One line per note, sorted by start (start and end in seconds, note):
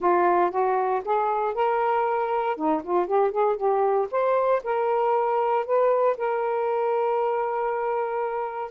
0.00 0.50 F4
0.50 1.01 F#4
1.05 1.54 G#4
1.54 2.56 A#4
2.56 2.82 D#4
2.83 3.06 F4
3.06 3.31 G4
3.31 3.56 G#4
3.56 4.07 G4
4.11 4.62 C5
4.63 5.65 A#4
5.65 6.16 B4
6.17 8.71 A#4